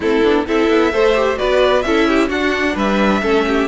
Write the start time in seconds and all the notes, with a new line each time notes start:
0.00 A3 C4 E4 A4
0.23 B3 D4
0.47 C4 E4 A4 E5
0.69 B3
0.92 A3 A4 C5
1.14 G4
1.36 B3 F#4 B4 D5
1.82 C#4 E4 A4 E5
2.08 G4
2.28 D4 F#4 F#5
2.75 G3 B4 E5
3.21 A3 C#4 A4
3.47 G4